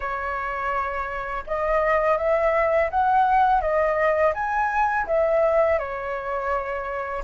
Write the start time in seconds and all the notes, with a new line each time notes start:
0.00 C#5
1.46 D#5
2.17 E5
2.90 F#5
3.61 D#5
4.34 G#5
5.06 E5
5.78 C#5